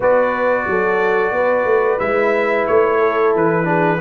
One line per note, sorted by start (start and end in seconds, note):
0.00 0.66 B3
0.00 2.00 F#4
0.00 0.67 B4
0.00 1.99 D5
0.66 1.31 F#3
0.66 1.34 A4
1.31 1.64 B3
1.31 2.98 B4
1.64 1.98 A3
1.99 2.66 G#3
1.99 3.63 E4
1.99 2.65 E5
2.66 3.35 A3
2.66 3.33 C#5
2.98 3.65 A4
3.35 4.01 E3
3.35 4.01 B4
3.63 3.97 D4
3.63 3.99 G#4